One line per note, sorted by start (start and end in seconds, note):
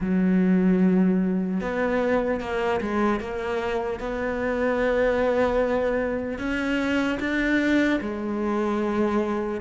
0.00 1.60 F#3
1.60 2.40 B3
2.40 2.80 A#3
2.80 3.20 G#3
3.20 3.99 A#3
3.99 6.38 B3
6.38 7.18 C#4
7.19 7.99 D4
8.00 9.60 G#3